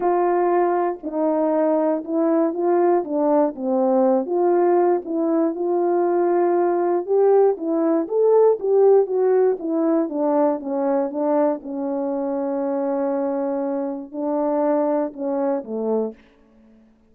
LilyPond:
\new Staff \with { instrumentName = "horn" } { \time 4/4 \tempo 4 = 119 f'2 dis'2 | e'4 f'4 d'4 c'4~ | c'8 f'4. e'4 f'4~ | f'2 g'4 e'4 |
a'4 g'4 fis'4 e'4 | d'4 cis'4 d'4 cis'4~ | cis'1 | d'2 cis'4 a4 | }